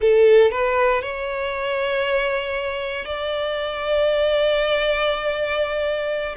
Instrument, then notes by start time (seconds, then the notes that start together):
violin
0.00 A4
0.51 B4
1.02 C#5
3.05 D5